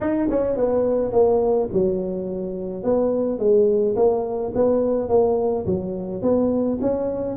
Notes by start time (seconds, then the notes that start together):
0.01 D#4
0.30 C#4
0.56 B3
1.12 A#3
1.72 F#3
2.83 B3
3.38 G#3
3.96 A#3
4.54 B3
5.08 A#3
5.66 F#3
6.21 B3
6.81 C#4